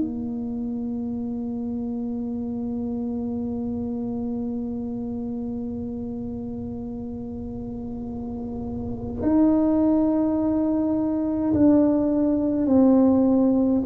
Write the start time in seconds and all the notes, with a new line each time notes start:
0.00 A#3
9.22 D#4
11.53 D4
12.67 C4